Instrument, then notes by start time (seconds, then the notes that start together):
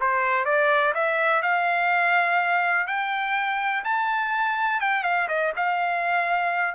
trumpet
0.00 C5
0.45 D5
0.94 E5
1.42 F5
2.87 G5
3.84 A5
4.80 G5
5.03 F5
5.28 D#5
5.56 F5